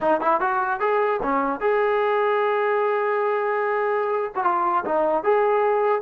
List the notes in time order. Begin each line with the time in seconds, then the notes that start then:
0.00 D#4
0.20 E4
0.40 F#4
0.80 G#4
1.22 C#4
1.60 G#4
4.35 F#4
4.44 F4
4.84 D#4
5.23 G#4